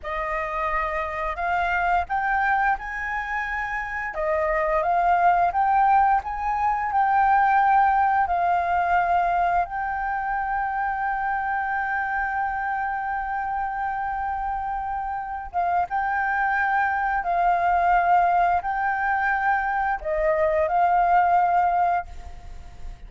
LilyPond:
\new Staff \with { instrumentName = "flute" } { \time 4/4 \tempo 4 = 87 dis''2 f''4 g''4 | gis''2 dis''4 f''4 | g''4 gis''4 g''2 | f''2 g''2~ |
g''1~ | g''2~ g''8 f''8 g''4~ | g''4 f''2 g''4~ | g''4 dis''4 f''2 | }